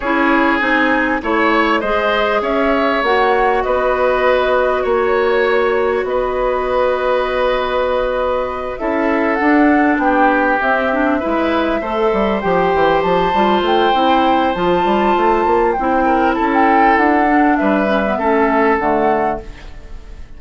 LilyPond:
<<
  \new Staff \with { instrumentName = "flute" } { \time 4/4 \tempo 4 = 99 cis''4 gis''4 cis''4 dis''4 | e''4 fis''4 dis''2 | cis''2 dis''2~ | dis''2~ dis''8 e''4 fis''8~ |
fis''8 g''4 e''2~ e''8~ | e''8 g''4 a''4 g''4. | a''2 g''4 a''16 g''8. | fis''4 e''2 fis''4 | }
  \new Staff \with { instrumentName = "oboe" } { \time 4/4 gis'2 cis''4 c''4 | cis''2 b'2 | cis''2 b'2~ | b'2~ b'8 a'4.~ |
a'8 g'2 b'4 c''8~ | c''1~ | c''2~ c''8 ais'8 a'4~ | a'4 b'4 a'2 | }
  \new Staff \with { instrumentName = "clarinet" } { \time 4/4 e'4 dis'4 e'4 gis'4~ | gis'4 fis'2.~ | fis'1~ | fis'2~ fis'8 e'4 d'8~ |
d'4. c'8 d'8 e'4 a'8~ | a'8 g'4. f'4 e'4 | f'2 e'2~ | e'8 d'4 cis'16 b16 cis'4 a4 | }
  \new Staff \with { instrumentName = "bassoon" } { \time 4/4 cis'4 c'4 a4 gis4 | cis'4 ais4 b2 | ais2 b2~ | b2~ b8 cis'4 d'8~ |
d'8 b4 c'4 gis4 a8 | g8 f8 e8 f8 g8 a8 c'4 | f8 g8 a8 ais8 c'4 cis'4 | d'4 g4 a4 d4 | }
>>